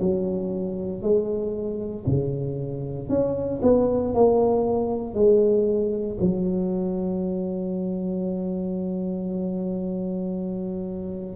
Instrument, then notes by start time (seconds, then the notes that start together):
tuba
0.00 F#3
1.03 G#3
2.07 C#3
3.09 C#4
3.63 B3
4.14 A#3
5.14 G#3
6.21 F#3